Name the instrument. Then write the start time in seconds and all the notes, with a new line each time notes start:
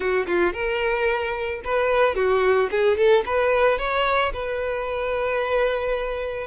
violin
0.00 F#4
0.26 F4
0.53 A#4
1.64 B4
2.15 F#4
2.70 G#4
2.97 A4
3.25 B4
3.78 C#5
4.33 B4